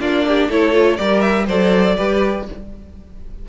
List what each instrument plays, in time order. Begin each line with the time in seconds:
0.00 cello A#3, viola D4, violin F4 D5
0.28 violin G4
0.49 cello A3, viola E4, violin A4 C#5
0.73 viola F4
0.97 cello G3, viola G4, violin A#4 D5
1.21 violin E5
1.47 cello F#3, viola A4, violin C5 D5
1.97 cello G3, viola G4, violin B4